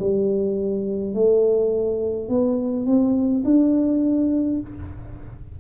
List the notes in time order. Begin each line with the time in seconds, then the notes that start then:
0.00 G3
1.14 A3
2.29 B3
2.86 C4
3.45 D4